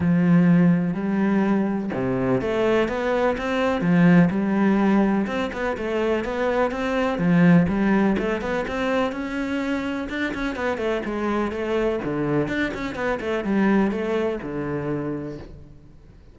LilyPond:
\new Staff \with { instrumentName = "cello" } { \time 4/4 \tempo 4 = 125 f2 g2 | c4 a4 b4 c'4 | f4 g2 c'8 b8 | a4 b4 c'4 f4 |
g4 a8 b8 c'4 cis'4~ | cis'4 d'8 cis'8 b8 a8 gis4 | a4 d4 d'8 cis'8 b8 a8 | g4 a4 d2 | }